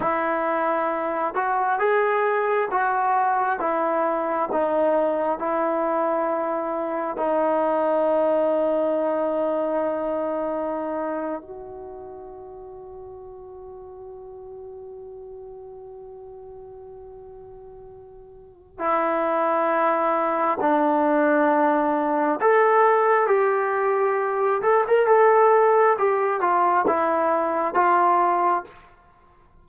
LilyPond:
\new Staff \with { instrumentName = "trombone" } { \time 4/4 \tempo 4 = 67 e'4. fis'8 gis'4 fis'4 | e'4 dis'4 e'2 | dis'1~ | dis'8. fis'2.~ fis'16~ |
fis'1~ | fis'4 e'2 d'4~ | d'4 a'4 g'4. a'16 ais'16 | a'4 g'8 f'8 e'4 f'4 | }